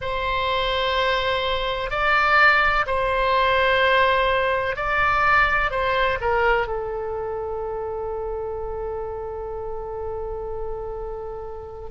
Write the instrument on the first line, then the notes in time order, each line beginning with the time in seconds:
oboe
0.01 C5
1.90 D5
2.86 C5
4.76 D5
5.70 C5
6.20 A#4
6.67 A4